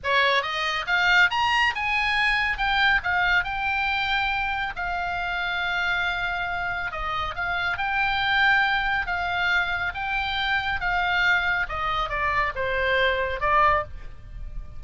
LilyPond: \new Staff \with { instrumentName = "oboe" } { \time 4/4 \tempo 4 = 139 cis''4 dis''4 f''4 ais''4 | gis''2 g''4 f''4 | g''2. f''4~ | f''1 |
dis''4 f''4 g''2~ | g''4 f''2 g''4~ | g''4 f''2 dis''4 | d''4 c''2 d''4 | }